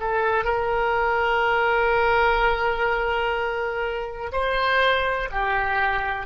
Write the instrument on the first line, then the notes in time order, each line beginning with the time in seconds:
oboe
0.00 A4
0.45 A#4
4.32 C5
5.32 G4